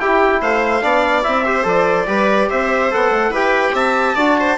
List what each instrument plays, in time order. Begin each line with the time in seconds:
0.00 trombone E4, bassoon E4, viola G4, trumpet G5
0.42 bassoon A3, viola C5, trumpet F5
0.82 bassoon B3, trombone D4, viola D5
1.23 bassoon C4, trombone E4, trumpet E5
1.45 trombone G4, viola C5
1.64 bassoon F3, trombone A4, trumpet D5
2.07 bassoon G3, trombone G4, viola B4
2.50 bassoon C4, viola C5, trumpet E5
2.91 bassoon B3, trombone A4, trumpet F#5
3.11 bassoon A3
3.30 bassoon E4, trombone G4, viola B4, trumpet G5
3.74 bassoon C4, viola E5, trumpet A5
4.16 bassoon D4, trombone F#4, viola D5
4.40 viola C5